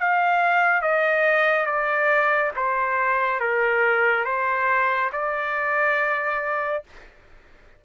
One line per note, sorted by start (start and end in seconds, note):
0.00 0.81 F5
0.81 1.66 D#5
1.66 2.52 D5
2.56 3.40 C5
3.40 4.25 A#4
4.25 5.10 C5
5.12 6.84 D5